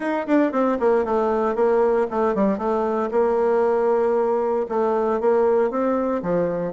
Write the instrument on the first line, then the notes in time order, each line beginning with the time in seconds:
bassoon
0.00 D#4
0.27 D4
0.52 C4
0.79 A#3
1.04 A3
1.55 A#3
2.10 A3
2.34 G3
2.57 A3
3.11 A#3
4.68 A3
5.20 A#3
5.70 C4
6.22 F3